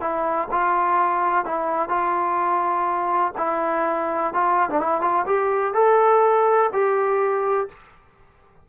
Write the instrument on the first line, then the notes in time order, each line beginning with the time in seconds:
trombone
0.00 E4
0.51 F4
1.45 E4
1.89 F4
3.37 E4
4.33 F4
4.70 D4
4.80 E4
5.01 F4
5.26 G4
5.73 A4
6.72 G4